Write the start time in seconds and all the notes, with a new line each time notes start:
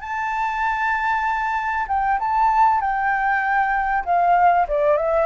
0.00 A5
1.88 G5
2.19 A5
2.80 G5
4.05 F5
4.67 D5
4.97 E5